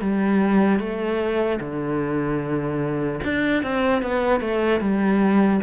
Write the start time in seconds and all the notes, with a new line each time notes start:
0.00 G3
0.79 A3
1.60 D3
3.23 D4
3.63 C4
4.02 B3
4.40 A3
4.80 G3